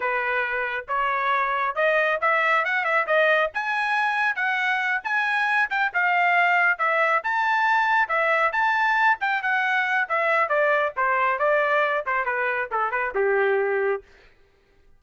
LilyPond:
\new Staff \with { instrumentName = "trumpet" } { \time 4/4 \tempo 4 = 137 b'2 cis''2 | dis''4 e''4 fis''8 e''8 dis''4 | gis''2 fis''4. gis''8~ | gis''4 g''8 f''2 e''8~ |
e''8 a''2 e''4 a''8~ | a''4 g''8 fis''4. e''4 | d''4 c''4 d''4. c''8 | b'4 a'8 b'8 g'2 | }